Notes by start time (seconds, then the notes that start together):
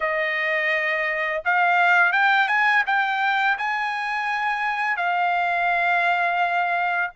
0.00 D#5
1.44 F5
2.12 G5
2.48 G#5
2.86 G5
3.57 G#5
4.96 F5